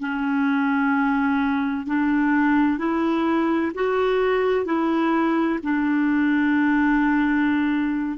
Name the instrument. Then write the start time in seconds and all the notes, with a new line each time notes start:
clarinet
0.00 C#4
1.87 D4
2.78 E4
3.75 F#4
4.66 E4
5.63 D4